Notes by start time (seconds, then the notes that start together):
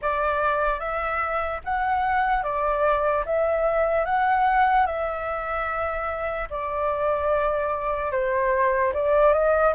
0.01 D5
0.79 E5
1.64 F#5
2.43 D5
3.25 E5
4.05 F#5
4.86 E5
6.49 D5
8.11 C5
8.93 D5
9.33 D#5